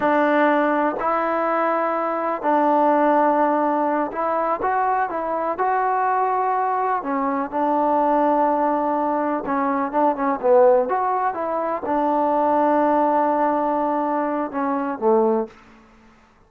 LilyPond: \new Staff \with { instrumentName = "trombone" } { \time 4/4 \tempo 4 = 124 d'2 e'2~ | e'4 d'2.~ | d'8 e'4 fis'4 e'4 fis'8~ | fis'2~ fis'8 cis'4 d'8~ |
d'2.~ d'8 cis'8~ | cis'8 d'8 cis'8 b4 fis'4 e'8~ | e'8 d'2.~ d'8~ | d'2 cis'4 a4 | }